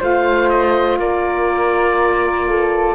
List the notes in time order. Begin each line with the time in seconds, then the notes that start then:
0.00 A3 F4 C5 F5
0.50 D#5
0.99 A#3 A#4 D5
2.49 A4